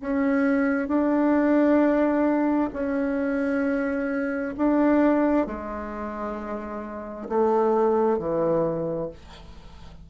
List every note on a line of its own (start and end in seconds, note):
0.00 0.88 C#4
0.88 2.69 D4
2.73 4.55 C#4
4.57 5.46 D4
5.46 7.28 G#3
7.28 8.18 A3
8.18 9.09 E3